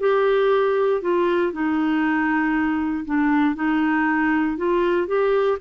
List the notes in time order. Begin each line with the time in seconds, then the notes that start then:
0.00 G4
1.01 F4
1.52 D#4
3.05 D4
3.55 D#4
4.57 F4
5.07 G4